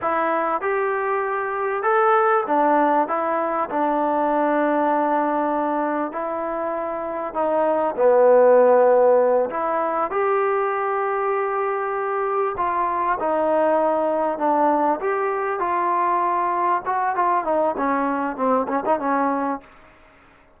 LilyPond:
\new Staff \with { instrumentName = "trombone" } { \time 4/4 \tempo 4 = 98 e'4 g'2 a'4 | d'4 e'4 d'2~ | d'2 e'2 | dis'4 b2~ b8 e'8~ |
e'8 g'2.~ g'8~ | g'8 f'4 dis'2 d'8~ | d'8 g'4 f'2 fis'8 | f'8 dis'8 cis'4 c'8 cis'16 dis'16 cis'4 | }